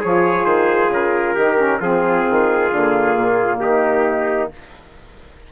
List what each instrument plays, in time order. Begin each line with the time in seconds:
0.00 bassoon F3, saxophone F4, trumpet G#4 C#5
0.45 bassoon D#3, trumpet C5
0.89 bassoon C#3, trumpet A#4
1.35 bassoon D#3, saxophone D#4, trumpet G4
1.57 saxophone C#4
1.80 bassoon F3, saxophone C4, trumpet F4 G#4
2.30 bassoon D#3
2.71 bassoon D3, saxophone A#3
3.15 bassoon A#2
3.60 bassoon D#3, trumpet D#4 G4